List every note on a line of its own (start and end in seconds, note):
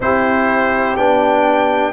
0.00 0.96 C4
0.00 0.97 E4
0.00 1.92 G4
0.00 0.96 C5
0.96 1.92 B3
0.96 1.92 D4
0.96 1.92 G5